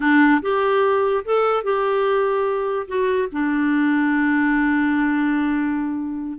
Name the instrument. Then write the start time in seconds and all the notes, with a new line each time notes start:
clarinet
0.00 D4
0.41 G4
1.24 A4
1.63 G4
2.87 F#4
3.31 D4